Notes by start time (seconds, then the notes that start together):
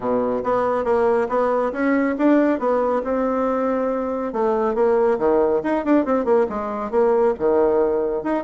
0.00 B2
0.43 B3
0.84 A#3
1.28 B3
1.72 C#4
2.17 D4
2.59 B3
3.04 C4
4.32 A3
4.74 A#3
5.18 D#3
5.63 D#4
5.84 D4
6.05 C4
6.24 A#3
6.49 G#3
6.90 A#3
7.38 D#3
8.23 D#4